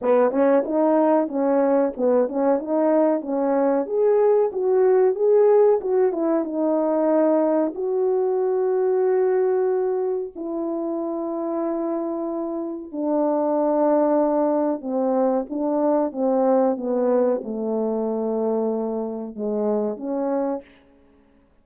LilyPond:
\new Staff \with { instrumentName = "horn" } { \time 4/4 \tempo 4 = 93 b8 cis'8 dis'4 cis'4 b8 cis'8 | dis'4 cis'4 gis'4 fis'4 | gis'4 fis'8 e'8 dis'2 | fis'1 |
e'1 | d'2. c'4 | d'4 c'4 b4 a4~ | a2 gis4 cis'4 | }